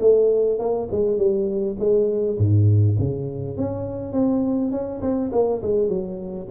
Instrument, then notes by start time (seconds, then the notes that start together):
tuba
0.00 A3
0.59 A#3
0.91 G#3
1.18 G3
1.79 G#3
2.38 G#2
2.99 C#3
3.57 C#4
4.13 C4
4.71 C#4
5.01 C4
5.32 A#3
5.62 G#3
5.89 F#3